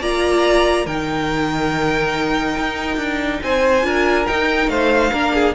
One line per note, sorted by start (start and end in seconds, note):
0.00 0.86 A#3
0.00 0.86 F4
0.00 0.85 D5
0.00 0.86 A#5
0.85 2.55 D#3
0.85 3.82 D#4
0.85 3.40 A#4
0.85 3.41 G5
2.55 2.96 D#4
2.96 3.39 D4
3.42 3.83 C4
3.42 3.86 C5
3.42 4.26 G#5
3.82 4.25 D4
3.82 4.25 F4
3.82 4.70 A#4
4.26 5.12 D#4
4.26 4.67 D#4
4.26 4.69 G5
4.67 5.10 A3
4.67 5.11 C5
4.67 5.54 F5
5.11 5.54 A#3
5.11 5.54 D4
5.11 5.32 A#4
5.33 5.54 G#4